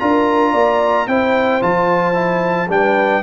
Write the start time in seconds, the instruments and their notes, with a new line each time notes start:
0.00 tuba D4, trombone F4, horn A#4, trumpet A#5
0.52 tuba A#3, horn D5
1.07 tuba C4, trombone E4, horn C5, trumpet G5
1.62 tuba F3, trombone F4, trumpet A5
2.14 trombone E4
2.69 tuba G3, trombone D4, horn B4, trumpet G5